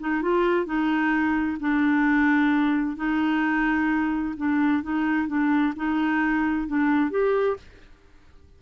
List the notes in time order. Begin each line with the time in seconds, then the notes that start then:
0.00 D#4
0.22 F4
0.65 D#4
1.60 D4
2.96 D#4
4.37 D4
4.83 D#4
5.27 D4
5.76 D#4
6.68 D4
7.11 G4